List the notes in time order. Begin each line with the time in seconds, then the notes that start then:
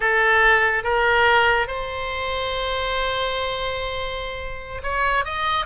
0.00 A4
0.83 A#4
1.67 C5
4.83 C#5
5.24 D#5